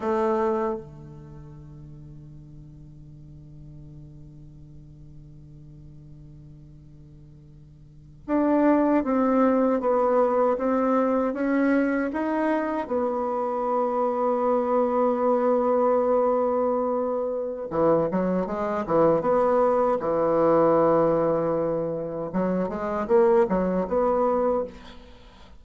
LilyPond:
\new Staff \with { instrumentName = "bassoon" } { \time 4/4 \tempo 4 = 78 a4 d2.~ | d1~ | d2~ d8. d'4 c'16~ | c'8. b4 c'4 cis'4 dis'16~ |
dis'8. b2.~ b16~ | b2. e8 fis8 | gis8 e8 b4 e2~ | e4 fis8 gis8 ais8 fis8 b4 | }